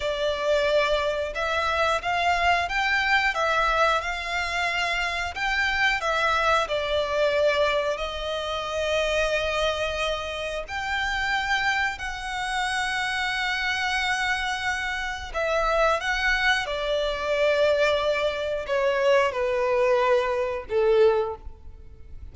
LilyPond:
\new Staff \with { instrumentName = "violin" } { \time 4/4 \tempo 4 = 90 d''2 e''4 f''4 | g''4 e''4 f''2 | g''4 e''4 d''2 | dis''1 |
g''2 fis''2~ | fis''2. e''4 | fis''4 d''2. | cis''4 b'2 a'4 | }